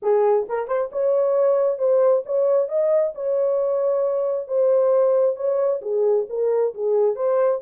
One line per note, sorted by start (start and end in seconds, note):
0.02 0.47 G#4
0.48 0.67 A#4
0.67 0.90 C5
0.92 1.78 C#5
1.78 2.23 C5
2.25 2.68 C#5
2.68 3.13 D#5
3.14 4.47 C#5
4.47 5.36 C5
5.36 5.80 C#5
5.81 6.26 G#4
6.29 6.74 A#4
6.74 7.15 G#4
7.15 7.60 C5